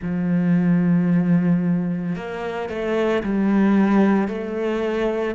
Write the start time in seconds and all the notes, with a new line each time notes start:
0.01 F3
2.15 A#3
2.69 A3
3.23 G3
4.28 A3